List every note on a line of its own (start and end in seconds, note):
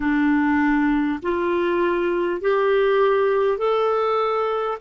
0.00 1.20 D4
1.22 2.41 F4
2.41 3.58 G4
3.58 4.78 A4